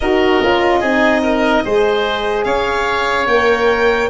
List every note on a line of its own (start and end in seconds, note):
0.00 0.42 D#4
0.00 0.42 F#4
0.00 0.80 A#4
0.00 2.44 D#5
0.42 0.81 C#4
0.42 0.83 F4
0.80 1.63 C4
0.80 1.65 D#4
0.80 1.21 G#4
1.22 1.63 A#4
1.65 2.45 G#3
1.65 3.29 G#4
1.65 2.45 C5
2.44 3.26 C#4
2.44 4.09 C#5
2.44 3.26 F5
3.26 4.09 A#3
3.26 4.09 A#4
3.26 4.09 G5